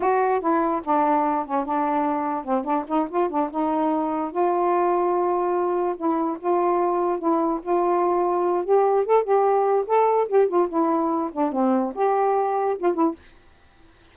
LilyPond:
\new Staff \with { instrumentName = "saxophone" } { \time 4/4 \tempo 4 = 146 fis'4 e'4 d'4. cis'8 | d'2 c'8 d'8 dis'8 f'8 | d'8 dis'2 f'4.~ | f'2~ f'8 e'4 f'8~ |
f'4. e'4 f'4.~ | f'4 g'4 a'8 g'4. | a'4 g'8 f'8 e'4. d'8 | c'4 g'2 f'8 e'8 | }